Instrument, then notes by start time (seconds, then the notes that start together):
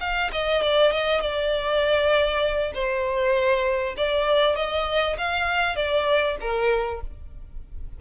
violin
0.00 F5
0.32 D#5
0.61 D5
0.92 D#5
1.20 D5
2.74 C5
3.97 D5
4.56 D#5
5.18 F5
5.75 D5
6.40 A#4